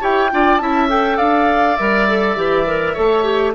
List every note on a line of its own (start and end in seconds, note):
0.00 0.32 E4
0.00 0.29 G4
0.00 0.30 C#5
0.00 0.57 G5
0.31 0.60 D4
0.31 0.60 F4
0.31 0.62 D5
0.57 1.19 C#4
0.57 0.89 E4
0.57 1.17 E5
0.57 0.87 A5
0.89 1.77 A4
0.89 1.18 G5
1.17 1.78 D4
1.17 2.94 D5
1.17 1.76 F5
1.76 2.36 G3
1.76 2.08 A#4
1.76 3.53 E5
2.08 2.36 A4
2.36 2.95 E3
2.36 2.66 G4
2.66 2.95 A#4
2.94 3.54 A3
2.94 3.24 A4
2.94 3.52 C#5
3.24 3.53 G4